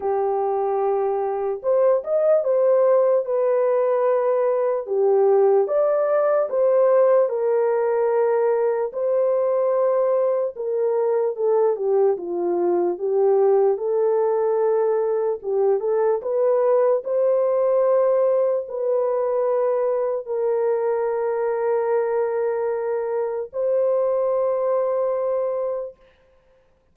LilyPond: \new Staff \with { instrumentName = "horn" } { \time 4/4 \tempo 4 = 74 g'2 c''8 dis''8 c''4 | b'2 g'4 d''4 | c''4 ais'2 c''4~ | c''4 ais'4 a'8 g'8 f'4 |
g'4 a'2 g'8 a'8 | b'4 c''2 b'4~ | b'4 ais'2.~ | ais'4 c''2. | }